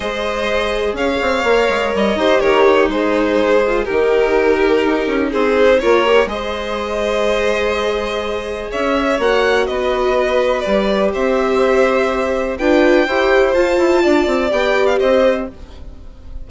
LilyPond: <<
  \new Staff \with { instrumentName = "violin" } { \time 4/4 \tempo 4 = 124 dis''2 f''2 | dis''4 cis''4 c''2 | ais'2. c''4 | cis''4 dis''2.~ |
dis''2 e''4 fis''4 | dis''2 d''4 e''4~ | e''2 g''2 | a''2 g''8. f''16 dis''4 | }
  \new Staff \with { instrumentName = "violin" } { \time 4/4 c''2 cis''2~ | cis''8 c''8 ais'8 dis'2 f'8 | g'2. gis'4 | ais'4 c''2.~ |
c''2 cis''2 | b'2. c''4~ | c''2 b'4 c''4~ | c''4 d''2 c''4 | }
  \new Staff \with { instrumentName = "viola" } { \time 4/4 gis'2. ais'4~ | ais'8 g'4. gis'2 | dis'1 | f'8 g'8 gis'2.~ |
gis'2. fis'4~ | fis'2 g'2~ | g'2 f'4 g'4 | f'2 g'2 | }
  \new Staff \with { instrumentName = "bassoon" } { \time 4/4 gis2 cis'8 c'8 ais8 gis8 | g8 dis'8 dis4 gis2 | dis2 dis'8 cis'8 c'4 | ais4 gis2.~ |
gis2 cis'4 ais4 | b2 g4 c'4~ | c'2 d'4 e'4 | f'8 e'8 d'8 c'8 b4 c'4 | }
>>